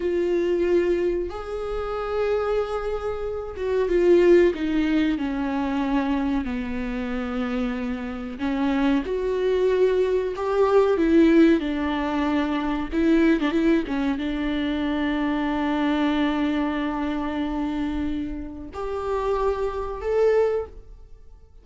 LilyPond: \new Staff \with { instrumentName = "viola" } { \time 4/4 \tempo 4 = 93 f'2 gis'2~ | gis'4. fis'8 f'4 dis'4 | cis'2 b2~ | b4 cis'4 fis'2 |
g'4 e'4 d'2 | e'8. d'16 e'8 cis'8 d'2~ | d'1~ | d'4 g'2 a'4 | }